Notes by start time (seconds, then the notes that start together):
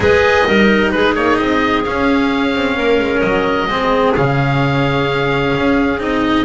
0.00 G#3 G#4 B4 D#5
0.46 G3 D#4 A#4
0.91 G#3 G#4 B4
1.15 A#3 C#5
1.37 C4 D#5
1.84 C#4 F5
2.55 C4
2.76 A#3 A#4
2.99 G#3
3.20 F#3 D#5
3.66 G#3 C4 G#4
4.15 C#3 C#4 F5
5.56 C#4
5.98 C4 D#4 D#5